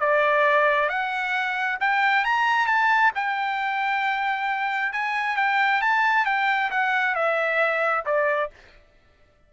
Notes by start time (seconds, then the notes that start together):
0.00 D5
0.89 F#5
1.81 G5
2.25 A#5
2.67 A5
3.15 G5
4.93 G#5
5.37 G5
5.82 A5
6.26 G5
6.71 F#5
7.15 E5
8.06 D5